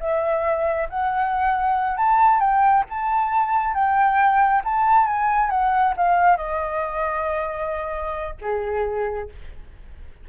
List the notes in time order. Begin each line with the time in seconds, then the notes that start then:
0.00 E5
0.89 F#5
1.97 A5
2.40 G5
2.90 A5
3.74 G5
4.64 A5
5.07 G#5
5.50 F#5
5.97 F5
6.37 D#5
8.41 G#4